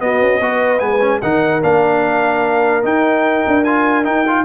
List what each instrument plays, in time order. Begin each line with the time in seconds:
0.00 trombone B3, tuba B3, horn F#4, trumpet D#5
0.21 tuba C#4
0.40 tuba B3, trombone F#4, horn B4
0.78 tuba G#3, trombone B3, trumpet G#5
1.01 trombone C#4
1.21 tuba D#3, trombone D#4, horn A#4, trumpet F#5
1.62 tuba A#3, trombone D4, trumpet F5
2.82 trombone D#4, tuba D#4, trumpet G5
3.47 tuba D4
3.64 trombone F4, trumpet G#5
4.04 trombone D#4, tuba D#4, trumpet G5
4.27 trombone F4